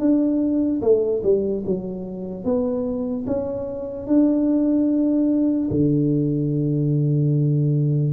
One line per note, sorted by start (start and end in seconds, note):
0.00 0.81 D4
0.81 1.22 A3
1.23 1.64 G3
1.66 2.45 F#3
2.45 3.26 B3
3.27 4.07 C#4
4.07 5.69 D4
5.71 8.13 D3